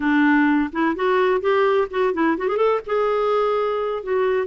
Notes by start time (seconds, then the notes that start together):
0.00 D4
0.72 E4
0.95 F#4
1.40 G4
1.90 F#4
2.13 E4
2.37 F#4
2.48 G#4
2.56 A4
2.86 G#4
4.03 F#4